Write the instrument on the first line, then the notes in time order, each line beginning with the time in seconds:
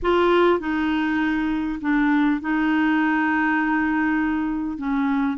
clarinet
0.02 F4
0.59 D#4
1.81 D4
2.40 D#4
4.77 C#4